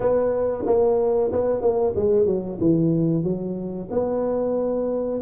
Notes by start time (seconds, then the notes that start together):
0.00 B3
0.66 A#3
1.32 B3
1.61 A#3
1.95 G#3
2.26 F#3
2.60 E3
3.23 F#3
3.90 B3